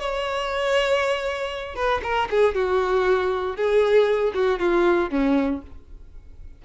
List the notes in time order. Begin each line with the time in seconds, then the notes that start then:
0.00 C#5
1.76 B4
2.03 A#4
2.30 G#4
2.55 F#4
3.56 G#4
4.34 F#4
4.59 F4
5.11 C#4